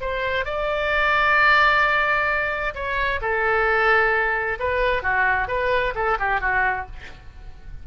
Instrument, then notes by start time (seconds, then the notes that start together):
oboe
0.00 C5
0.45 D5
2.74 C#5
3.21 A4
4.59 B4
5.02 F#4
5.47 B4
5.95 A4
6.19 G4
6.40 F#4